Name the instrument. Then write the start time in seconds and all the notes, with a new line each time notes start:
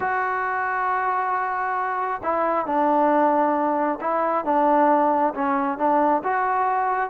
trombone
0.00 F#4
2.23 E4
2.65 D4
4.00 E4
4.44 D4
5.34 C#4
5.78 D4
6.23 F#4